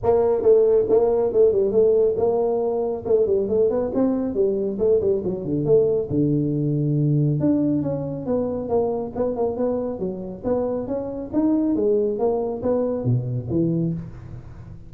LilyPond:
\new Staff \with { instrumentName = "tuba" } { \time 4/4 \tempo 4 = 138 ais4 a4 ais4 a8 g8 | a4 ais2 a8 g8 | a8 b8 c'4 g4 a8 g8 | fis8 d8 a4 d2~ |
d4 d'4 cis'4 b4 | ais4 b8 ais8 b4 fis4 | b4 cis'4 dis'4 gis4 | ais4 b4 b,4 e4 | }